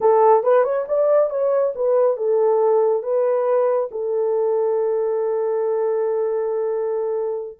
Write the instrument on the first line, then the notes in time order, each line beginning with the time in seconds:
horn
0.00 A4
0.43 B4
0.63 C#5
0.88 D5
1.30 C#5
1.75 B4
2.16 A4
3.02 B4
3.91 A4